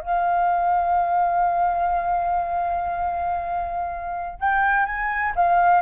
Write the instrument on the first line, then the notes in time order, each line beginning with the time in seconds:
flute
0.00 F5
4.40 G5
4.86 G#5
5.35 F5